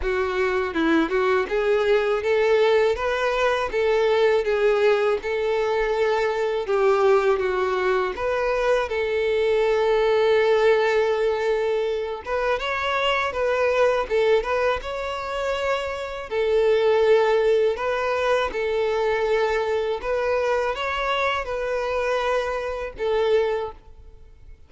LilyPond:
\new Staff \with { instrumentName = "violin" } { \time 4/4 \tempo 4 = 81 fis'4 e'8 fis'8 gis'4 a'4 | b'4 a'4 gis'4 a'4~ | a'4 g'4 fis'4 b'4 | a'1~ |
a'8 b'8 cis''4 b'4 a'8 b'8 | cis''2 a'2 | b'4 a'2 b'4 | cis''4 b'2 a'4 | }